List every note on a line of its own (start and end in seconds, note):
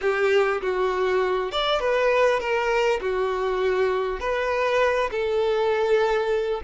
0.01 0.61 G4
0.61 1.51 F#4
1.51 1.79 D5
1.79 2.39 B4
2.40 3.00 A#4
3.00 4.20 F#4
4.20 5.10 B4
5.11 6.61 A4